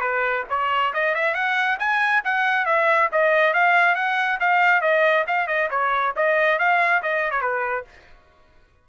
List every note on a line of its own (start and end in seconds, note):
0.00 0.43 B4
0.49 0.93 C#5
0.93 1.14 D#5
1.14 1.34 E5
1.34 1.78 F#5
1.79 2.22 G#5
2.24 2.65 F#5
2.65 3.09 E5
3.11 3.53 D#5
3.53 3.95 F5
3.95 4.38 F#5
4.40 4.81 F5
4.81 5.24 D#5
5.27 5.47 F5
5.47 5.69 D#5
5.70 6.14 C#5
6.16 6.58 D#5
6.58 7.02 F5
7.02 7.31 D#5
7.31 7.41 C#5
7.41 7.84 B4